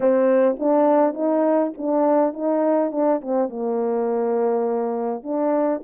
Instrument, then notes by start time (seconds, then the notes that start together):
horn
0.00 C4
0.59 D4
1.14 D#4
1.77 D4
2.33 D#4
2.91 D4
3.21 C4
3.49 A#3
5.23 D4